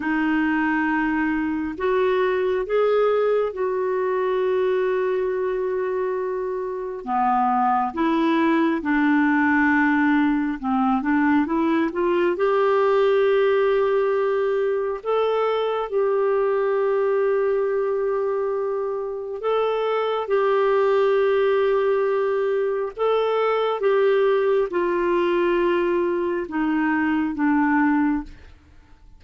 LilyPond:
\new Staff \with { instrumentName = "clarinet" } { \time 4/4 \tempo 4 = 68 dis'2 fis'4 gis'4 | fis'1 | b4 e'4 d'2 | c'8 d'8 e'8 f'8 g'2~ |
g'4 a'4 g'2~ | g'2 a'4 g'4~ | g'2 a'4 g'4 | f'2 dis'4 d'4 | }